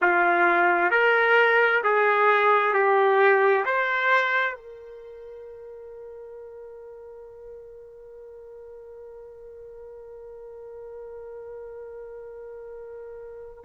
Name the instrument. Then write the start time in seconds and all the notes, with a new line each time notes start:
trumpet
0.01 F4
0.90 A#4
1.83 G#4
2.73 G4
3.65 C5
4.55 A#4